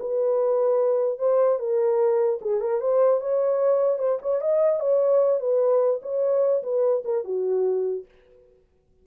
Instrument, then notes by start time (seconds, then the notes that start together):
horn
0.00 B4
1.19 C5
1.59 A#4
2.41 G#4
2.61 A#4
2.81 C5
3.20 C#5
3.99 C5
4.22 C#5
4.41 D#5
4.80 C#5
5.40 B4
6.02 C#5
6.63 B4
7.05 A#4
7.24 F#4